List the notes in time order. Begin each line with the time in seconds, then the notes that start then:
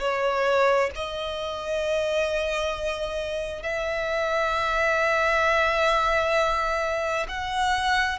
0.00 C#5
0.95 D#5
3.63 E5
7.29 F#5